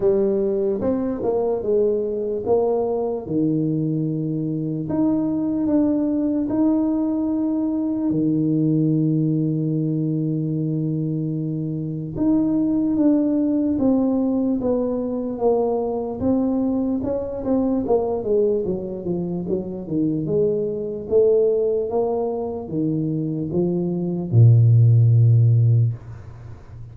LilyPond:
\new Staff \with { instrumentName = "tuba" } { \time 4/4 \tempo 4 = 74 g4 c'8 ais8 gis4 ais4 | dis2 dis'4 d'4 | dis'2 dis2~ | dis2. dis'4 |
d'4 c'4 b4 ais4 | c'4 cis'8 c'8 ais8 gis8 fis8 f8 | fis8 dis8 gis4 a4 ais4 | dis4 f4 ais,2 | }